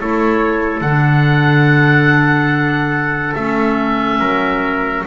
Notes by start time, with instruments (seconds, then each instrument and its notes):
0.00 double bass A3, clarinet E4, trumpet A4, oboe C#5
0.81 double bass D3, clarinet D4, oboe F#5
3.35 double bass A3, clarinet C#4, oboe E5
4.20 double bass F#3, trumpet A#4